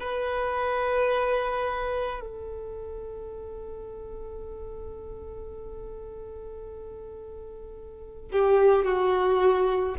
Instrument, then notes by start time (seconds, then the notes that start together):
violin
0.00 B4
2.21 A4
8.32 G4
8.85 F#4